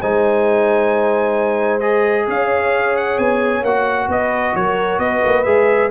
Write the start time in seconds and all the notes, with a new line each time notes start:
0.00 G#3 D#4 C5 G#5
1.80 G#4 D#5
2.27 C#4 C#5 F5
2.96 F#5
3.18 B3 G#5
3.62 A#3 F#4 F#5
4.08 B3 B4 D#5
4.55 F#3 A#4 C#5
4.98 B3 B4 D#5
5.25 A#3
5.44 G#3 G#4 E5